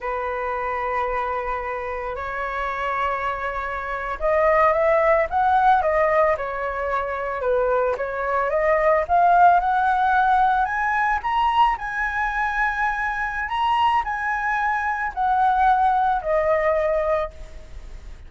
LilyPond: \new Staff \with { instrumentName = "flute" } { \time 4/4 \tempo 4 = 111 b'1 | cis''2.~ cis''8. dis''16~ | dis''8. e''4 fis''4 dis''4 cis''16~ | cis''4.~ cis''16 b'4 cis''4 dis''16~ |
dis''8. f''4 fis''2 gis''16~ | gis''8. ais''4 gis''2~ gis''16~ | gis''4 ais''4 gis''2 | fis''2 dis''2 | }